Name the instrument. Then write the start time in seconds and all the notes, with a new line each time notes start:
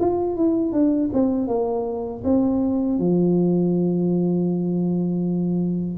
tuba
0.00 F4
0.36 E4
0.73 D4
1.14 C4
1.48 A#3
2.24 C4
2.99 F3